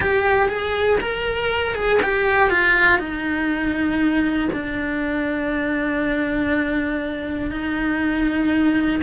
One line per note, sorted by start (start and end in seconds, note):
0.00 0.48 G4
0.48 0.98 G#4
1.00 1.75 A#4
1.75 2.00 G#4
2.02 2.50 G4
2.50 2.98 F4
2.98 4.48 D#4
4.52 7.50 D4
7.50 9.00 D#4